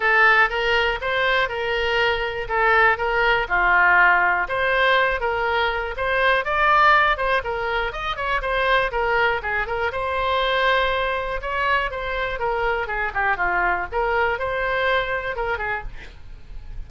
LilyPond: \new Staff \with { instrumentName = "oboe" } { \time 4/4 \tempo 4 = 121 a'4 ais'4 c''4 ais'4~ | ais'4 a'4 ais'4 f'4~ | f'4 c''4. ais'4. | c''4 d''4. c''8 ais'4 |
dis''8 cis''8 c''4 ais'4 gis'8 ais'8 | c''2. cis''4 | c''4 ais'4 gis'8 g'8 f'4 | ais'4 c''2 ais'8 gis'8 | }